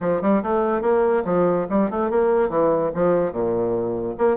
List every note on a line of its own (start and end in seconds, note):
0.00 0.21 F3
0.21 0.42 G3
0.43 0.81 A3
0.81 1.23 A#3
1.25 1.66 F3
1.69 1.90 G3
1.90 2.10 A3
2.10 2.49 A#3
2.49 2.91 E3
2.94 3.31 F3
3.31 4.15 A#2
4.17 4.36 A#3